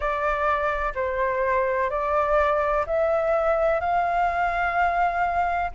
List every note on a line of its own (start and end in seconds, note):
0.00 0.93 D5
0.94 1.90 C5
1.90 2.85 D5
2.86 3.80 E5
3.80 5.71 F5